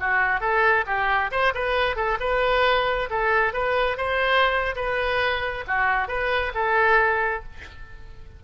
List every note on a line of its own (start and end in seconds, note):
0.00 0.40 F#4
0.40 0.85 A4
0.86 1.31 G4
1.31 1.54 C5
1.55 1.96 B4
1.96 2.18 A4
2.20 3.09 B4
3.10 3.54 A4
3.54 3.98 B4
3.98 4.75 C5
4.76 5.65 B4
5.67 6.08 F#4
6.08 6.53 B4
6.55 7.43 A4